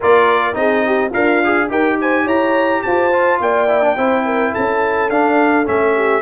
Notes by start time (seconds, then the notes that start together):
0.00 A#3 F4 A#4 D5
0.53 C4 D#4 G#4 D#5
0.86 G4
1.09 D4 F4 A#4 F5
1.44 G#4
1.70 D#4 G4 A#4 G5
2.00 C5 G#5
2.24 E4 C#5 A#5
2.82 F4 C5 A5
3.12 F4
3.40 A#3 D5 G5
3.68 E4
3.81 D4
3.96 C4 E4 C5
4.25 A#4
4.52 C#4 A4 A5
5.10 D4 F5
5.65 A3 C#4 E5
5.95 G4